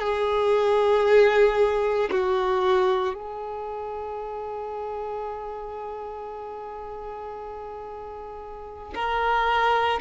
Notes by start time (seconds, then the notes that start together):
0.00 G#4
2.11 F#4
3.14 G#4
8.95 A#4